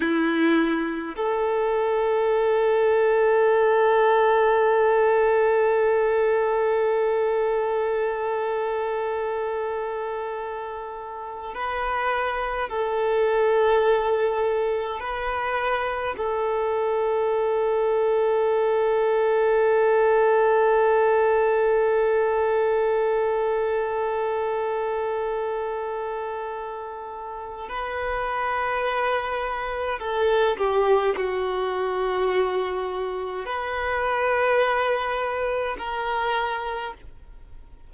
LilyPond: \new Staff \with { instrumentName = "violin" } { \time 4/4 \tempo 4 = 52 e'4 a'2.~ | a'1~ | a'2 b'4 a'4~ | a'4 b'4 a'2~ |
a'1~ | a'1 | b'2 a'8 g'8 fis'4~ | fis'4 b'2 ais'4 | }